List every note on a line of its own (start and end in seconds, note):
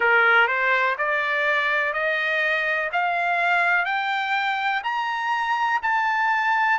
0.00 0.47 A#4
0.47 0.95 C5
0.98 1.93 D5
1.93 2.90 D#5
2.92 3.85 F5
3.85 4.82 G5
4.83 5.80 A#5
5.82 6.78 A5